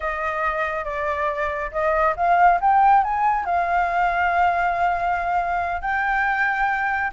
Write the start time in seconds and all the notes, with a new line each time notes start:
0.00 D#5
0.84 D5
1.71 D#5
2.16 F5
2.61 G5
3.03 G#5
3.45 F5
5.81 G5